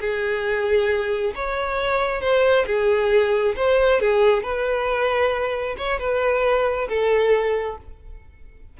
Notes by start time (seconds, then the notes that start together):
0.00 G#4
1.35 C#5
2.21 C5
2.66 G#4
3.56 C5
4.00 G#4
4.42 B4
5.77 C#5
5.99 B4
6.88 A4